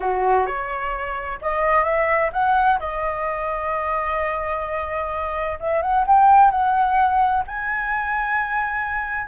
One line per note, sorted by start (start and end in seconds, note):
0.00 0.46 F#4
0.46 1.39 C#5
1.41 1.84 D#5
1.84 2.30 E5
2.32 2.79 F#5
2.79 5.58 D#5
5.59 5.82 E5
5.82 6.05 F#5
6.07 6.51 G5
6.51 7.44 F#5
7.47 9.27 G#5